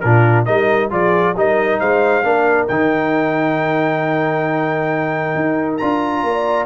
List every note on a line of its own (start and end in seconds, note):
0.00 0.48 A#2
0.00 0.46 D4
0.00 0.46 F4
0.00 0.44 A#4
0.45 0.91 G3
0.45 0.90 D#4
0.45 0.90 A#4
0.45 0.90 D#5
0.90 1.35 F3
0.90 1.35 F4
0.90 1.35 G#4
0.90 1.37 D5
1.35 1.80 G3
1.35 2.24 D#4
1.35 1.80 A#4
1.35 1.80 D#5
1.80 2.24 G#3
1.80 2.25 C5
1.80 2.67 F5
2.24 2.68 A#3
2.24 2.68 D4
2.24 6.26 A#4
2.67 5.35 D#3
2.67 5.81 D#4
2.67 5.77 G5
5.35 5.80 D#4
5.77 6.23 D4
5.77 6.66 F4
5.77 6.66 A#5
6.23 6.66 A#3
6.23 6.66 D5